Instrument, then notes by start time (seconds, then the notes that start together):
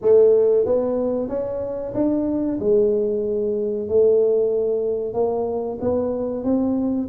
tuba
0.01 A3
0.65 B3
1.28 C#4
1.94 D4
2.60 G#3
3.88 A3
5.13 A#3
5.80 B3
6.43 C4